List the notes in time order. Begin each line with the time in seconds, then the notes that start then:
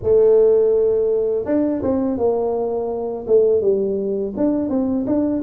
0.02 A3
1.45 D4
1.82 C4
2.17 A#3
3.27 A3
3.61 G3
4.37 D4
4.69 C4
5.06 D4